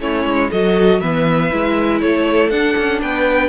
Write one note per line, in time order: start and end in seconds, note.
0.00 0.25 A3
0.00 0.50 C#4
0.00 0.51 E4
0.00 0.51 C#5
0.25 0.50 G#3
0.51 1.01 F#3
0.51 1.02 F#4
0.51 1.01 A4
0.51 1.01 D#5
1.01 1.51 E3
1.01 1.51 B3
1.01 2.01 B4
1.01 2.01 E5
1.51 2.02 G#3
1.51 2.51 E4
2.01 2.51 A3
2.01 3.02 A4
2.01 2.50 C#5
2.50 2.76 D4
2.50 3.49 D4
2.50 3.00 F#5
2.77 3.02 C#4
3.02 3.49 B3
3.02 3.49 B4
3.02 3.49 G5